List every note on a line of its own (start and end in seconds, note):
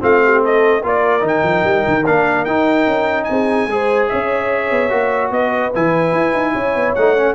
0.00 0.83 A3
0.00 0.82 C4
0.00 0.23 F4
0.00 0.44 F5
0.24 0.43 G4
0.43 0.82 A4
0.43 0.85 D#5
0.82 1.22 A#3
0.82 1.20 F4
0.82 3.27 A#4
0.82 1.28 D5
1.20 1.42 D#3
1.20 2.02 D#4
1.28 2.06 G5
1.43 1.63 F3
1.64 1.84 G3
1.87 2.07 D#3
2.06 2.46 A#3
2.06 2.47 D4
2.06 2.45 F5
2.45 2.86 D#4
2.45 3.70 D#4
2.45 3.24 G5
2.86 3.27 C#4
3.24 3.67 C4
3.24 4.06 G#5
3.30 3.71 G#4
3.67 4.08 G#3
3.67 4.90 G#4
3.67 4.10 C5
4.09 4.71 C#4
4.09 5.32 C#5
4.09 5.31 E5
4.71 4.91 B3
4.90 5.31 A#3
4.90 5.71 F#4
5.31 5.71 B3
5.31 6.53 B4
5.31 5.73 D#5
5.75 6.12 E3
5.75 6.97 E4
5.75 6.95 G#5
6.12 6.32 E4
6.34 6.54 D#4
6.53 6.75 C#4
6.53 7.34 C#5
6.75 6.96 B3
6.95 7.35 A3
6.95 7.17 D#4
6.95 7.35 F#5
7.17 7.35 C#4